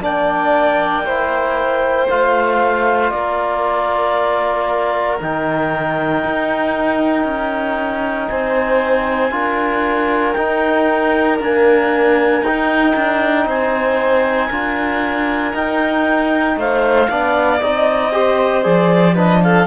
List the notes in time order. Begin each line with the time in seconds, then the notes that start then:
0.00 A#3 D4 D5 G5
1.05 E4 C5
2.09 A3 F4 F5
3.11 A#3 A#4 D5
5.21 D#3 D#4 G5
6.25 D#4
7.25 C#4
8.29 C4 C5 G#5
9.31 D4 F4 A#4
10.34 D#4 G5
11.40 A#3 D4 G#5
12.42 D#4 G5
12.96 D4
13.46 C4 C5 G#5
14.48 D4 F4 A#4
15.54 D#4 G5
16.57 A3 C5 F5
17.10 B3 D4 D5
17.61 C4 D#4 D#5
18.12 G4 C5
18.64 F3 G#4 D5
19.14 D4 B4 D#5
19.44 A4 F5